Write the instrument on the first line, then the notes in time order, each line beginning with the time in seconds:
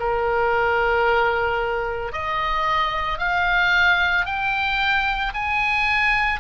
oboe
0.00 A#4
2.13 D#5
3.19 F5
4.26 G5
5.34 G#5